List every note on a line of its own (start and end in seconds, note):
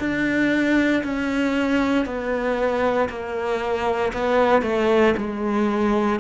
0.00 1.03 D4
1.04 2.06 C#4
2.06 3.09 B3
3.10 4.13 A#3
4.14 4.63 B3
4.63 5.14 A3
5.18 6.20 G#3